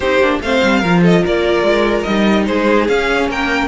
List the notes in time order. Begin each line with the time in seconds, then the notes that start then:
0.00 C4 D#4 G4 C5
0.18 A#3 D4
0.41 A3 C4 C5 F5
0.63 G3
0.80 F3 F4 A#4
1.01 A4 D#5
1.21 A#3 A#4 D5
1.62 G#3
2.03 G3 D#4 D#5
2.46 G#3 G#4 C5
2.88 C#4 F5
3.28 A#3 A#4 G5